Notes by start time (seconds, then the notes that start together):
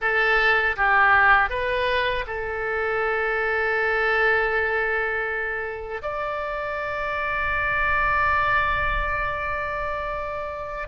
0.01 A4
0.76 G4
1.49 B4
2.26 A4
6.02 D5